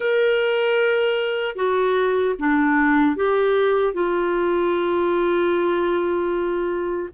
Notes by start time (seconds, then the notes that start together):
0.00 A#4
1.55 F#4
2.38 D4
3.15 G4
3.93 F4